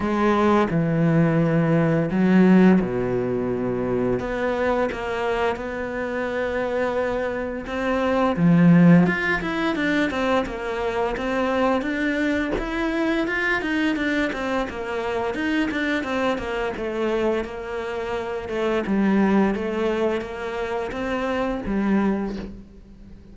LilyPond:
\new Staff \with { instrumentName = "cello" } { \time 4/4 \tempo 4 = 86 gis4 e2 fis4 | b,2 b4 ais4 | b2. c'4 | f4 f'8 e'8 d'8 c'8 ais4 |
c'4 d'4 e'4 f'8 dis'8 | d'8 c'8 ais4 dis'8 d'8 c'8 ais8 | a4 ais4. a8 g4 | a4 ais4 c'4 g4 | }